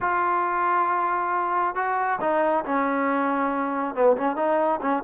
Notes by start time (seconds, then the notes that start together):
0.00 F4
1.75 F#4
2.20 D#4
2.64 C#4
3.94 B3
4.16 C#4
4.36 D#4
4.81 C#4